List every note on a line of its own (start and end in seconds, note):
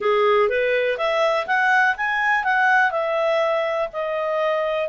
0.00 0.49 G#4
0.49 0.97 B4
0.97 1.46 E5
1.46 1.95 F#5
1.96 2.44 G#5
2.44 2.91 F#5
2.91 3.88 E5
3.92 4.89 D#5